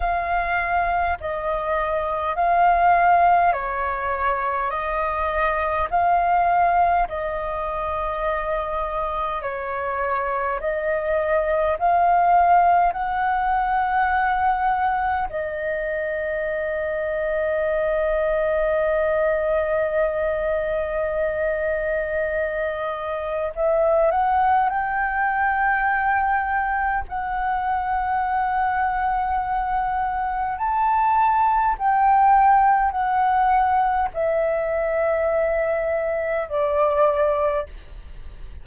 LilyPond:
\new Staff \with { instrumentName = "flute" } { \time 4/4 \tempo 4 = 51 f''4 dis''4 f''4 cis''4 | dis''4 f''4 dis''2 | cis''4 dis''4 f''4 fis''4~ | fis''4 dis''2.~ |
dis''1 | e''8 fis''8 g''2 fis''4~ | fis''2 a''4 g''4 | fis''4 e''2 d''4 | }